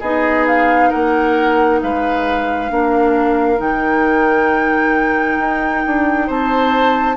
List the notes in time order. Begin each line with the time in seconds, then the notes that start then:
0.00 B3 D#4 G#4 D#5
0.47 F5
0.90 A#3 A#4 F#5
1.82 G#3 B4 F5
2.70 A#3 D4 A#4
3.57 D#3 D#4 G5
5.39 D#4
5.86 D4
6.27 C4 C5 A5